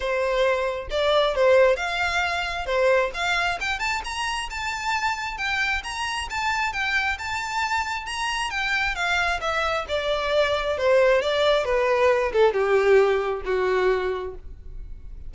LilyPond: \new Staff \with { instrumentName = "violin" } { \time 4/4 \tempo 4 = 134 c''2 d''4 c''4 | f''2 c''4 f''4 | g''8 a''8 ais''4 a''2 | g''4 ais''4 a''4 g''4 |
a''2 ais''4 g''4 | f''4 e''4 d''2 | c''4 d''4 b'4. a'8 | g'2 fis'2 | }